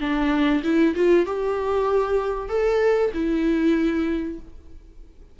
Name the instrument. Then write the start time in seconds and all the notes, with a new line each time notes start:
viola
0.00 D4
0.63 E4
0.95 F4
1.26 G4
2.49 A4
3.14 E4